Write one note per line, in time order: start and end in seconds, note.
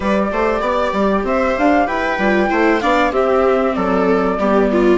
0.00 0.31 G3
0.00 2.18 G4
0.00 0.29 B4
0.00 1.26 D5
0.32 0.60 A3
0.32 0.61 C5
0.60 0.92 B3
0.60 1.23 D5
0.92 1.23 G3
1.23 1.55 C4
1.23 1.87 C5
1.23 1.57 E5
1.58 1.87 D4
1.58 1.86 F5
1.86 2.18 E4
1.86 2.49 B4
1.86 2.80 G5
2.18 2.49 G3
2.18 2.49 F4
2.49 2.82 A3
2.49 2.80 E4
2.49 2.81 C5
2.80 3.11 B3
2.80 3.12 D4
2.80 3.11 D5
2.80 3.11 F5
3.11 3.74 C4
3.11 4.39 C4
3.11 3.74 G4
3.11 3.74 E5
3.74 4.38 F#3
3.74 4.38 A4
3.74 4.98 D5
4.38 4.98 G3
4.38 4.98 B3
4.38 4.70 G4
4.71 4.98 F4